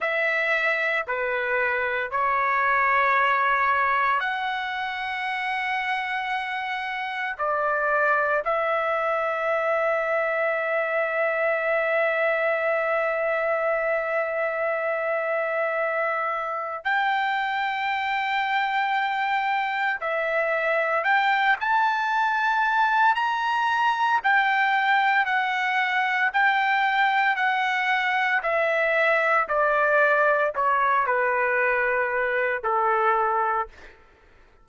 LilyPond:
\new Staff \with { instrumentName = "trumpet" } { \time 4/4 \tempo 4 = 57 e''4 b'4 cis''2 | fis''2. d''4 | e''1~ | e''1 |
g''2. e''4 | g''8 a''4. ais''4 g''4 | fis''4 g''4 fis''4 e''4 | d''4 cis''8 b'4. a'4 | }